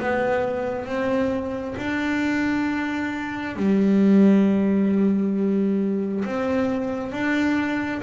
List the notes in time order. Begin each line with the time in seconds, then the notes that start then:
0.00 B3
0.86 C4
1.78 D4
3.56 G3
6.25 C4
7.12 D4